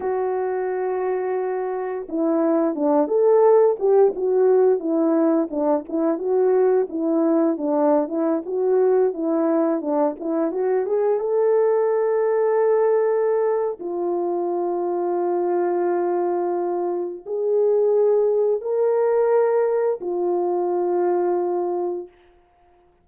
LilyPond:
\new Staff \with { instrumentName = "horn" } { \time 4/4 \tempo 4 = 87 fis'2. e'4 | d'8 a'4 g'8 fis'4 e'4 | d'8 e'8 fis'4 e'4 d'8. e'16~ | e'16 fis'4 e'4 d'8 e'8 fis'8 gis'16~ |
gis'16 a'2.~ a'8. | f'1~ | f'4 gis'2 ais'4~ | ais'4 f'2. | }